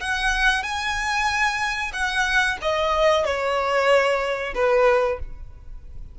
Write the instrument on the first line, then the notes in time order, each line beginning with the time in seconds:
violin
0.00 F#5
0.63 G#5
1.93 F#5
2.62 D#5
3.25 C#5
4.54 B4